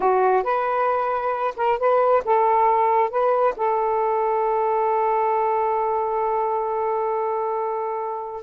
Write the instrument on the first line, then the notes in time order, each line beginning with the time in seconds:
saxophone
0.00 F#4
0.43 B4
1.56 A#4
1.78 B4
2.24 A4
3.09 B4
3.56 A4